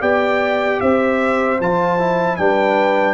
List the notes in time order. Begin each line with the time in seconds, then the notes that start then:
0.00 B3 G4 D5 G5
0.80 C4 C5 E5
1.60 F3 F4 A5
1.99 E4
2.37 G3 D4 B4 G5